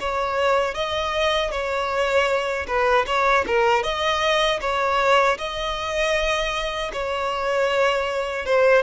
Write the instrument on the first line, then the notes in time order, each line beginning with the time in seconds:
violin
0.00 C#5
0.74 D#5
1.51 C#5
2.67 B4
3.06 C#5
3.47 A#4
3.83 D#5
4.60 C#5
5.37 D#5
6.93 C#5
8.45 C5